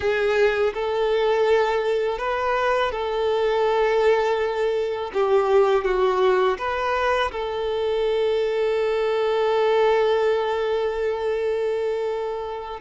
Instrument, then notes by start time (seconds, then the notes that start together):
violin
0.00 G#4
0.74 A4
2.18 B4
2.91 A4
5.13 G4
5.84 F#4
6.58 B4
7.31 A4